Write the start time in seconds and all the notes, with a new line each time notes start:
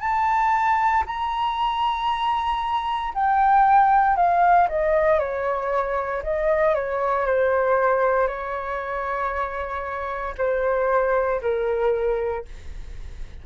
0.00 A5
1.06 A#5
3.14 G5
4.16 F5
4.69 D#5
5.19 C#5
6.23 D#5
6.75 C#5
7.26 C5
8.28 C#5
10.38 C5
11.42 A#4